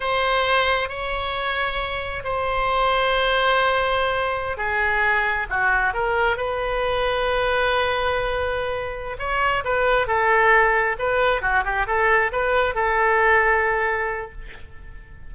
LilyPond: \new Staff \with { instrumentName = "oboe" } { \time 4/4 \tempo 4 = 134 c''2 cis''2~ | cis''4 c''2.~ | c''2~ c''16 gis'4.~ gis'16~ | gis'16 fis'4 ais'4 b'4.~ b'16~ |
b'1~ | b'8 cis''4 b'4 a'4.~ | a'8 b'4 fis'8 g'8 a'4 b'8~ | b'8 a'2.~ a'8 | }